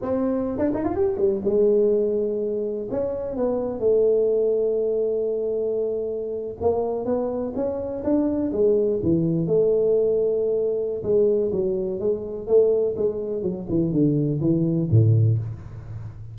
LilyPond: \new Staff \with { instrumentName = "tuba" } { \time 4/4 \tempo 4 = 125 c'4~ c'16 d'16 dis'16 f'16 g'8 g8 gis4~ | gis2 cis'4 b4 | a1~ | a4.~ a16 ais4 b4 cis'16~ |
cis'8. d'4 gis4 e4 a16~ | a2. gis4 | fis4 gis4 a4 gis4 | fis8 e8 d4 e4 a,4 | }